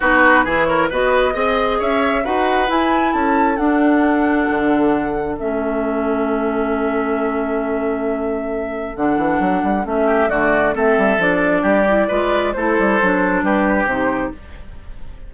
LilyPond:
<<
  \new Staff \with { instrumentName = "flute" } { \time 4/4 \tempo 4 = 134 b'4. cis''8 dis''2 | e''4 fis''4 gis''4 a''4 | fis''1 | e''1~ |
e''1 | fis''2 e''4 d''4 | e''4 d''2. | c''2 b'4 c''4 | }
  \new Staff \with { instrumentName = "oboe" } { \time 4/4 fis'4 gis'8 ais'8 b'4 dis''4 | cis''4 b'2 a'4~ | a'1~ | a'1~ |
a'1~ | a'2~ a'8 g'8 fis'4 | a'2 g'4 b'4 | a'2 g'2 | }
  \new Staff \with { instrumentName = "clarinet" } { \time 4/4 dis'4 e'4 fis'4 gis'4~ | gis'4 fis'4 e'2 | d'1 | cis'1~ |
cis'1 | d'2 cis'4 a4 | c'4 d'4. e'8 f'4 | e'4 d'2 dis'4 | }
  \new Staff \with { instrumentName = "bassoon" } { \time 4/4 b4 e4 b4 c'4 | cis'4 dis'4 e'4 cis'4 | d'2 d2 | a1~ |
a1 | d8 e8 fis8 g8 a4 d4 | a8 g8 f4 g4 gis4 | a8 g8 fis4 g4 c4 | }
>>